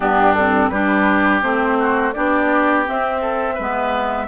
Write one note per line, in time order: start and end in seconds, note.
0.00 0.70 G2
0.00 0.34 B3
0.00 0.70 D4
0.00 0.34 G4
0.34 0.73 C4
0.34 0.69 A4
0.69 1.42 G3
0.69 1.42 D4
0.69 1.78 G4
0.69 1.40 B4
1.42 2.14 A3
1.42 2.13 C4
1.42 2.12 C5
1.78 2.14 F#4
2.12 2.88 B3
2.12 2.86 D4
2.12 3.21 G4
2.12 2.84 D5
2.86 3.57 C4
2.86 3.59 C4
2.86 4.27 E5
3.21 3.54 A4
3.54 4.27 G#3
3.54 4.26 B4
3.60 4.27 B3